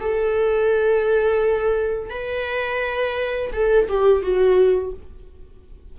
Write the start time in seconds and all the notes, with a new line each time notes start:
0.00 A4
2.10 B4
3.52 A4
3.88 G4
4.22 F#4